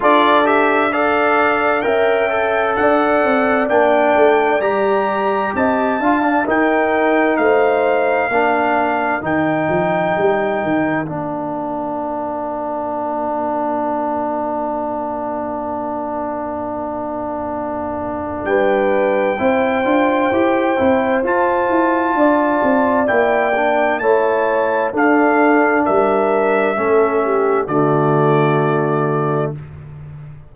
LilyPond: <<
  \new Staff \with { instrumentName = "trumpet" } { \time 4/4 \tempo 4 = 65 d''8 e''8 f''4 g''4 fis''4 | g''4 ais''4 a''4 g''4 | f''2 g''2 | f''1~ |
f''1 | g''2. a''4~ | a''4 g''4 a''4 f''4 | e''2 d''2 | }
  \new Staff \with { instrumentName = "horn" } { \time 4/4 a'4 d''4 e''4 d''4~ | d''2 dis''8 f''8 ais'4 | c''4 ais'2.~ | ais'1~ |
ais'1 | b'4 c''2. | d''2 cis''4 a'4 | ais'4 a'8 g'8 fis'2 | }
  \new Staff \with { instrumentName = "trombone" } { \time 4/4 f'8 g'8 a'4 ais'8 a'4. | d'4 g'4. f'16 d'16 dis'4~ | dis'4 d'4 dis'2 | d'1~ |
d'1~ | d'4 e'8 f'8 g'8 e'8 f'4~ | f'4 e'8 d'8 e'4 d'4~ | d'4 cis'4 a2 | }
  \new Staff \with { instrumentName = "tuba" } { \time 4/4 d'2 cis'4 d'8 c'8 | ais8 a8 g4 c'8 d'8 dis'4 | a4 ais4 dis8 f8 g8 dis8 | ais1~ |
ais1 | g4 c'8 d'8 e'8 c'8 f'8 e'8 | d'8 c'8 ais4 a4 d'4 | g4 a4 d2 | }
>>